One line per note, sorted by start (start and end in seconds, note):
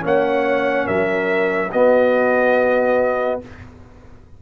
0.00 0.88 A#3
0.00 1.69 C#4
0.00 0.86 C#5
0.07 0.87 F#5
0.86 1.73 F#3
0.86 1.71 A#4
0.86 1.71 E5
1.72 3.42 B3
1.72 3.41 F#4
1.72 3.41 D#5